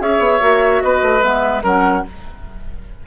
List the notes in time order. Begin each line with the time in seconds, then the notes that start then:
0.00 C#4 G#4 C#5 E5
0.19 B3
0.40 A#3 F#4
0.82 B3 B4 D#5
1.02 A3
1.20 G#3 B3 E5
1.63 F#3 C#4 A#4 F#5